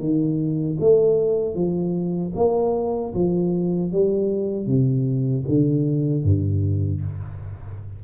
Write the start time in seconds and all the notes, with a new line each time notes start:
0.00 D#3
0.80 A3
1.55 F3
2.36 A#3
3.15 F3
3.92 G3
4.67 C3
5.49 D3
6.24 G2